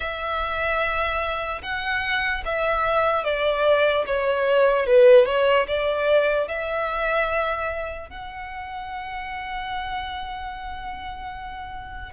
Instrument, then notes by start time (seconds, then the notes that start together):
violin
0.00 E5
1.62 F#5
2.45 E5
3.24 D5
4.06 C#5
4.86 B4
5.25 C#5
5.67 D5
6.48 E5
8.09 F#5